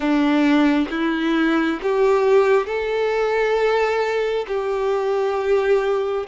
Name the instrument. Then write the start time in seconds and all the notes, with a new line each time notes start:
violin
0.00 D4
0.90 E4
1.82 G4
2.66 A4
4.47 G4